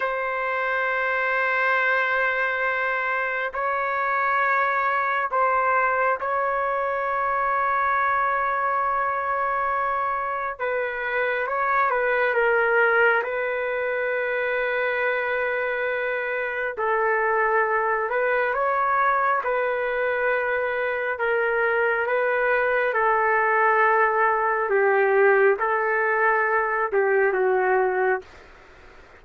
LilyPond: \new Staff \with { instrumentName = "trumpet" } { \time 4/4 \tempo 4 = 68 c''1 | cis''2 c''4 cis''4~ | cis''1 | b'4 cis''8 b'8 ais'4 b'4~ |
b'2. a'4~ | a'8 b'8 cis''4 b'2 | ais'4 b'4 a'2 | g'4 a'4. g'8 fis'4 | }